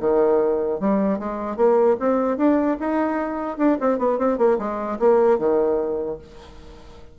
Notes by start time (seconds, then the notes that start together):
0.00 D#3
0.80 G3
1.19 G#3
1.56 A#3
1.99 C4
2.37 D4
2.80 D#4
3.57 D4
3.81 C4
3.98 B3
4.18 C4
4.38 A#3
4.58 G#3
4.99 A#3
5.38 D#3